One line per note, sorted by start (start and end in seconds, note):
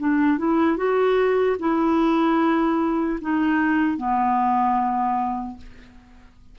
0.00 0.39 D4
0.39 0.77 E4
0.77 1.57 F#4
1.60 3.20 E4
3.22 3.98 D#4
3.98 5.58 B3